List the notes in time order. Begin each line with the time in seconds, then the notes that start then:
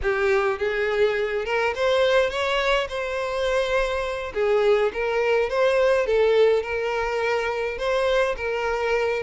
0.02 G4
0.58 G#4
1.45 A#4
1.75 C5
2.29 C#5
2.88 C5
4.34 G#4
4.93 A#4
5.49 C5
6.06 A4
6.62 A#4
7.77 C5
8.36 A#4